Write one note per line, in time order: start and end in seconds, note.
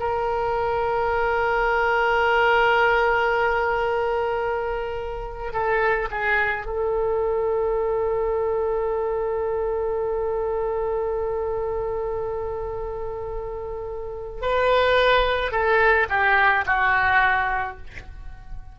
0.00 5.53 A#4
5.53 6.09 A4
6.11 6.66 G#4
6.66 14.42 A4
14.42 15.52 B4
15.52 16.07 A4
16.10 16.65 G4
16.66 17.77 F#4